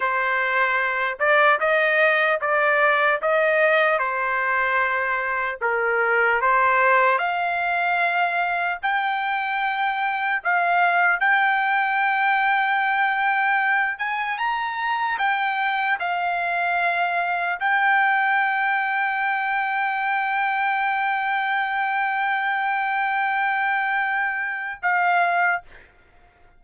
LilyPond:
\new Staff \with { instrumentName = "trumpet" } { \time 4/4 \tempo 4 = 75 c''4. d''8 dis''4 d''4 | dis''4 c''2 ais'4 | c''4 f''2 g''4~ | g''4 f''4 g''2~ |
g''4. gis''8 ais''4 g''4 | f''2 g''2~ | g''1~ | g''2. f''4 | }